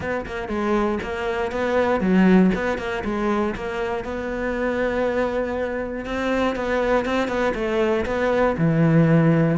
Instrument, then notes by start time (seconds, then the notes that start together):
cello
0.00 B3
0.25 A#3
0.48 G#3
1.02 A#3
1.51 B3
2.00 F#3
2.54 B3
2.78 A#3
3.04 G#3
3.55 A#3
4.04 B3
6.05 C4
6.55 B3
7.05 C4
7.28 B3
7.54 A3
8.05 B3
8.57 E3